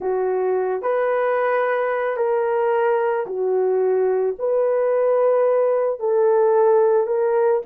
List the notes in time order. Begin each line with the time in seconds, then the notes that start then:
0.00 F#4
0.82 B4
2.16 A#4
3.26 F#4
4.38 B4
5.99 A4
7.07 A#4